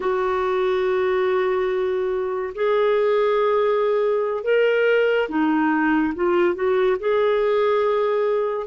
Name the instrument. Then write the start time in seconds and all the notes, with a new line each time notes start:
clarinet
0.00 F#4
2.54 G#4
4.43 A#4
5.29 D#4
6.14 F4
6.54 F#4
6.99 G#4